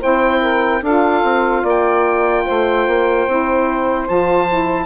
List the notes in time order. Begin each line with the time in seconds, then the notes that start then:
0.00 C4 E4 C5 G5
0.41 A#4
0.82 D4 F4 A4 F5
1.23 C4
1.63 A#3 D5
1.69 G5
2.45 A3 C5
2.87 A#3
3.27 C4 E4
4.08 F3 F4 A5
4.49 E4